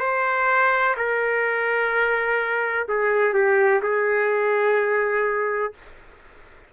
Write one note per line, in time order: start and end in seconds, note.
0.00 0.95 C5
0.97 2.87 A#4
2.89 3.34 G#4
3.34 3.81 G4
3.83 5.73 G#4